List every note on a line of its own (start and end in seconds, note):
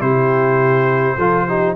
0.00 1.17 C3
0.00 1.17 E4
0.00 1.18 G4
0.00 1.76 C5
1.18 1.76 F3
1.18 1.49 F4
1.18 1.47 A4
1.47 1.76 D#4
1.47 1.76 G4